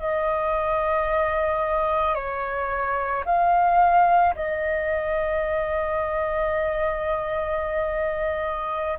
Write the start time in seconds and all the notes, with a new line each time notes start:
0.00 D#5
2.15 C#5
3.26 F5
4.35 D#5